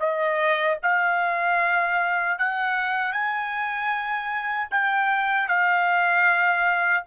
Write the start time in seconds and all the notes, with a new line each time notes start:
0.00 D#5
0.83 F5
2.39 F#5
3.13 G#5
4.71 G5
5.49 F5